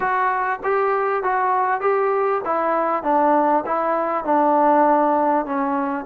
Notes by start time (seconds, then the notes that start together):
0.00 F#4
0.63 G4
1.23 F#4
1.80 G4
2.45 E4
3.03 D4
3.65 E4
4.24 D4
5.45 C#4